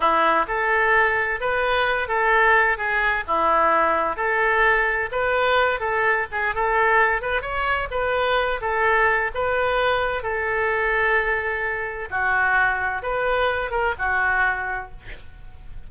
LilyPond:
\new Staff \with { instrumentName = "oboe" } { \time 4/4 \tempo 4 = 129 e'4 a'2 b'4~ | b'8 a'4. gis'4 e'4~ | e'4 a'2 b'4~ | b'8 a'4 gis'8 a'4. b'8 |
cis''4 b'4. a'4. | b'2 a'2~ | a'2 fis'2 | b'4. ais'8 fis'2 | }